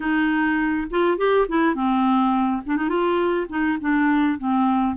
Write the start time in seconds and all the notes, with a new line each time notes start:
0.00 D#4
0.90 F4
1.17 G4
1.48 E4
1.74 C4
2.65 D4
2.76 D#4
2.88 F4
3.49 D#4
3.80 D4
4.38 C4